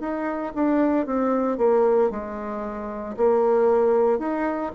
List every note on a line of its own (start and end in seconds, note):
0.00 0.53 D#4
0.55 1.06 D4
1.06 1.57 C4
1.57 2.10 A#3
2.11 3.16 G#3
3.17 4.19 A#3
4.19 4.72 D#4